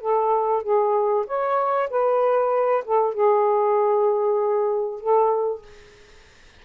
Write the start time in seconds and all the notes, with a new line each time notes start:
0.00 A4
0.63 G#4
1.27 C#5
1.90 B4
2.85 A4
3.14 G#4
5.00 A4